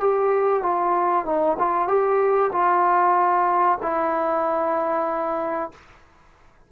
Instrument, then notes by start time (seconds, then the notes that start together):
trombone
0.00 G4
0.63 F4
1.25 D#4
1.59 F4
1.88 G4
2.52 F4
3.82 E4